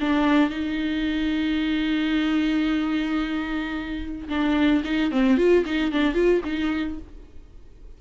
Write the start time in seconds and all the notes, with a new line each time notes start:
0.00 D4
0.50 D#4
4.29 D4
4.84 D#4
5.11 C4
5.37 F4
5.65 D#4
5.92 D4
6.14 F4
6.44 D#4